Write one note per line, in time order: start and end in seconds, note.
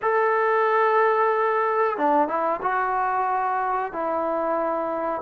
0.02 1.97 A4
1.97 2.27 D4
2.27 2.60 E4
2.61 3.92 F#4
3.92 5.21 E4